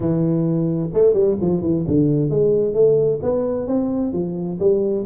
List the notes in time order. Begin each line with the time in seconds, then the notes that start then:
0.00 E3
0.93 A3
1.13 G3
1.41 F3
1.61 E3
1.87 D3
2.30 G#3
2.74 A3
3.22 B3
3.67 C4
4.12 F3
4.59 G3